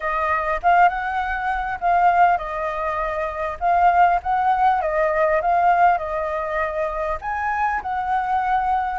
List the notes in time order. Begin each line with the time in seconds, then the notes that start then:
0.00 D#5
0.62 F5
0.88 F#5
1.80 F5
2.37 D#5
3.60 F5
4.22 F#5
4.81 D#5
5.41 F5
5.98 D#5
7.21 G#5
7.82 F#5